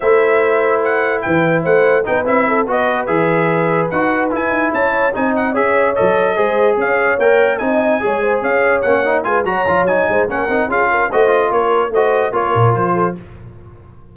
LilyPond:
<<
  \new Staff \with { instrumentName = "trumpet" } { \time 4/4 \tempo 4 = 146 e''2 fis''4 g''4 | fis''4 g''8 e''4 dis''4 e''8~ | e''4. fis''4 gis''4 a''8~ | a''8 gis''8 fis''8 e''4 dis''4.~ |
dis''8 f''4 g''4 gis''4.~ | gis''8 f''4 fis''4 gis''8 ais''4 | gis''4 fis''4 f''4 dis''4 | cis''4 dis''4 cis''4 c''4 | }
  \new Staff \with { instrumentName = "horn" } { \time 4/4 c''2. b'4 | c''4 b'4 a'8 b'4.~ | b'2.~ b'8 cis''8~ | cis''8 dis''4 cis''2 c''8~ |
c''8 cis''2 dis''4 cis''8 | c''8 cis''2 b'8 cis''4~ | cis''8 c''8 ais'4 gis'8 ais'8 c''4 | ais'4 c''4 ais'4. a'8 | }
  \new Staff \with { instrumentName = "trombone" } { \time 4/4 e'1~ | e'4 dis'8 e'4 fis'4 gis'8~ | gis'4. fis'4 e'4.~ | e'8 dis'4 gis'4 a'4 gis'8~ |
gis'4. ais'4 dis'4 gis'8~ | gis'4. cis'8 dis'8 f'8 fis'8 f'8 | dis'4 cis'8 dis'8 f'4 fis'8 f'8~ | f'4 fis'4 f'2 | }
  \new Staff \with { instrumentName = "tuba" } { \time 4/4 a2. e4 | a4 b8 c'4 b4 e8~ | e4. dis'4 e'8 dis'8 cis'8~ | cis'8 c'4 cis'4 fis4 gis8~ |
gis8 cis'4 ais4 c'4 gis8~ | gis8 cis'4 ais4 gis8 fis8 f8 | fis8 gis8 ais8 c'8 cis'4 a4 | ais4 a4 ais8 ais,8 f4 | }
>>